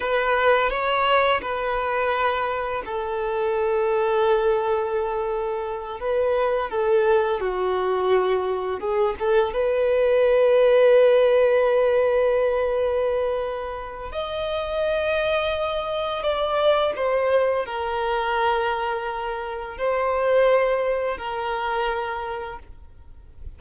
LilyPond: \new Staff \with { instrumentName = "violin" } { \time 4/4 \tempo 4 = 85 b'4 cis''4 b'2 | a'1~ | a'8 b'4 a'4 fis'4.~ | fis'8 gis'8 a'8 b'2~ b'8~ |
b'1 | dis''2. d''4 | c''4 ais'2. | c''2 ais'2 | }